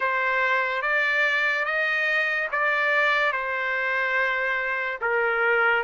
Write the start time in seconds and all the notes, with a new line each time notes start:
0.00 C5
0.82 D5
1.65 D#5
2.51 D5
3.32 C5
5.01 A#4